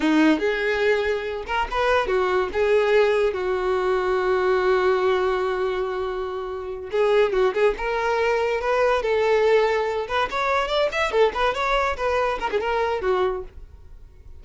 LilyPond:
\new Staff \with { instrumentName = "violin" } { \time 4/4 \tempo 4 = 143 dis'4 gis'2~ gis'8 ais'8 | b'4 fis'4 gis'2 | fis'1~ | fis'1~ |
fis'8 gis'4 fis'8 gis'8 ais'4.~ | ais'8 b'4 a'2~ a'8 | b'8 cis''4 d''8 e''8 a'8 b'8 cis''8~ | cis''8 b'4 ais'16 gis'16 ais'4 fis'4 | }